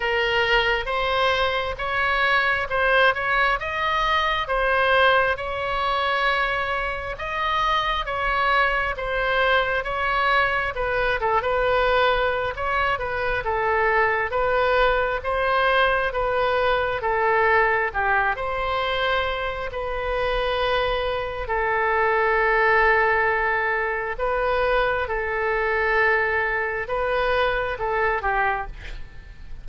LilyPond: \new Staff \with { instrumentName = "oboe" } { \time 4/4 \tempo 4 = 67 ais'4 c''4 cis''4 c''8 cis''8 | dis''4 c''4 cis''2 | dis''4 cis''4 c''4 cis''4 | b'8 a'16 b'4~ b'16 cis''8 b'8 a'4 |
b'4 c''4 b'4 a'4 | g'8 c''4. b'2 | a'2. b'4 | a'2 b'4 a'8 g'8 | }